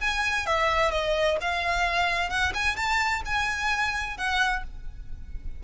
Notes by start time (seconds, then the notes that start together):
0.00 G#5
0.46 E5
0.91 D#5
1.41 F5
2.30 F#5
2.54 G#5
2.76 A5
3.25 G#5
4.17 F#5